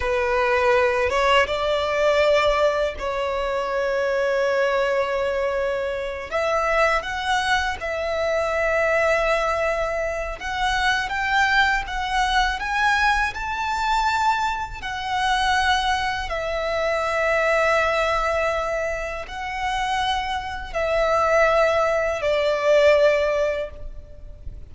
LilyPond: \new Staff \with { instrumentName = "violin" } { \time 4/4 \tempo 4 = 81 b'4. cis''8 d''2 | cis''1~ | cis''8 e''4 fis''4 e''4.~ | e''2 fis''4 g''4 |
fis''4 gis''4 a''2 | fis''2 e''2~ | e''2 fis''2 | e''2 d''2 | }